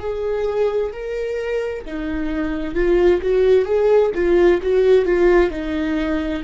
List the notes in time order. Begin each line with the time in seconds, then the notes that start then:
0.00 G#4
0.93 A#4
1.85 D#4
2.75 F4
3.22 F#4
3.65 G#4
4.15 F4
4.62 F#4
5.06 F4
5.50 D#4